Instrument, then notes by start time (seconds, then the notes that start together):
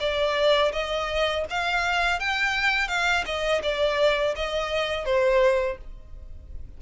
violin
0.00 D5
0.73 D#5
1.50 F5
2.20 G5
2.88 F5
3.26 D#5
3.63 D5
4.36 D#5
5.06 C5